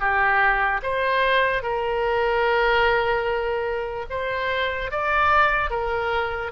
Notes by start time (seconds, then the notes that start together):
0.00 G4
0.83 C5
1.63 A#4
4.10 C5
4.91 D5
5.71 A#4